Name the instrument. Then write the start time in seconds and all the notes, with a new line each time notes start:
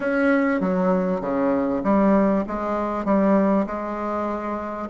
bassoon
0.00 C#4
0.60 F#3
1.21 C#3
1.83 G3
2.47 G#3
3.04 G3
3.66 G#3